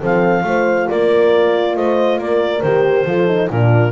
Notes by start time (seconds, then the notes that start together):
0.00 F3 C4 A4 F5
0.43 A3 F4 C5
0.88 A#3 A#4 D5
1.76 A3 C5 D#5
2.18 A#3 A#4 D5
2.62 D#3 G4 C5
3.05 F3 F4 A4
3.27 D#4
3.50 A#2 D4 F4 A#4